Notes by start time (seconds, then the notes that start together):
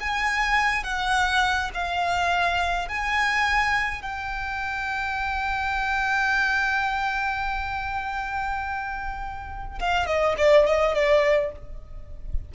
0.00 G#5
0.84 F#5
1.74 F5
2.88 G#5
4.02 G5
9.79 F5
10.06 D#5
10.38 D5
10.66 D#5
10.94 D5